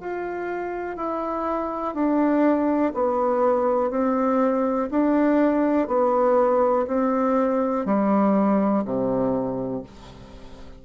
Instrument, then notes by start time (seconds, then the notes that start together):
bassoon
0.00 F4
0.96 E4
1.94 D4
2.94 B3
3.90 C4
4.91 D4
5.87 B3
6.87 C4
7.86 G3
8.84 C3